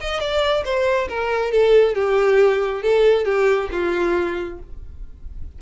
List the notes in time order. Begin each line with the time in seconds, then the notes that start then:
0.00 D#5
0.20 D5
0.64 C5
1.09 A#4
1.51 A4
1.94 G4
2.82 A4
3.25 G4
3.71 F4